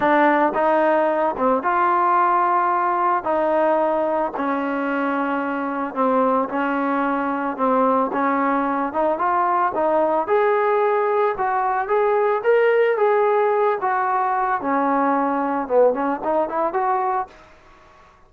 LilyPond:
\new Staff \with { instrumentName = "trombone" } { \time 4/4 \tempo 4 = 111 d'4 dis'4. c'8 f'4~ | f'2 dis'2 | cis'2. c'4 | cis'2 c'4 cis'4~ |
cis'8 dis'8 f'4 dis'4 gis'4~ | gis'4 fis'4 gis'4 ais'4 | gis'4. fis'4. cis'4~ | cis'4 b8 cis'8 dis'8 e'8 fis'4 | }